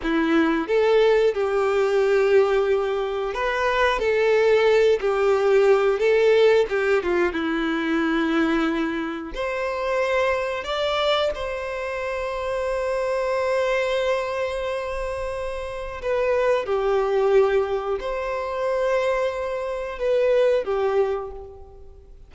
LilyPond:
\new Staff \with { instrumentName = "violin" } { \time 4/4 \tempo 4 = 90 e'4 a'4 g'2~ | g'4 b'4 a'4. g'8~ | g'4 a'4 g'8 f'8 e'4~ | e'2 c''2 |
d''4 c''2.~ | c''1 | b'4 g'2 c''4~ | c''2 b'4 g'4 | }